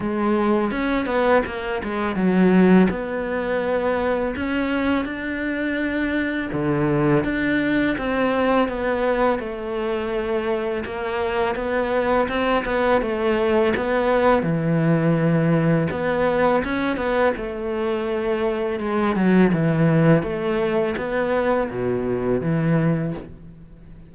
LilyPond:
\new Staff \with { instrumentName = "cello" } { \time 4/4 \tempo 4 = 83 gis4 cis'8 b8 ais8 gis8 fis4 | b2 cis'4 d'4~ | d'4 d4 d'4 c'4 | b4 a2 ais4 |
b4 c'8 b8 a4 b4 | e2 b4 cis'8 b8 | a2 gis8 fis8 e4 | a4 b4 b,4 e4 | }